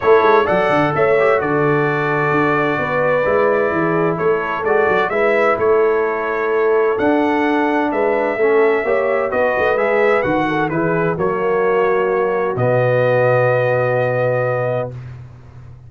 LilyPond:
<<
  \new Staff \with { instrumentName = "trumpet" } { \time 4/4 \tempo 4 = 129 cis''4 fis''4 e''4 d''4~ | d''1~ | d''4 cis''4 d''4 e''4 | cis''2. fis''4~ |
fis''4 e''2. | dis''4 e''4 fis''4 b'4 | cis''2. dis''4~ | dis''1 | }
  \new Staff \with { instrumentName = "horn" } { \time 4/4 a'4 d''4 cis''4 a'4~ | a'2 b'2 | gis'4 a'2 b'4 | a'1~ |
a'4 b'4 a'4 cis''4 | b'2~ b'8 a'8 gis'4 | fis'1~ | fis'1 | }
  \new Staff \with { instrumentName = "trombone" } { \time 4/4 e'4 a'4. g'8 fis'4~ | fis'2. e'4~ | e'2 fis'4 e'4~ | e'2. d'4~ |
d'2 cis'4 g'4 | fis'4 gis'4 fis'4 e'4 | ais2. b4~ | b1 | }
  \new Staff \with { instrumentName = "tuba" } { \time 4/4 a8 gis8 fis8 d8 a4 d4~ | d4 d'4 b4 gis4 | e4 a4 gis8 fis8 gis4 | a2. d'4~ |
d'4 gis4 a4 ais4 | b8 a8 gis4 dis4 e4 | fis2. b,4~ | b,1 | }
>>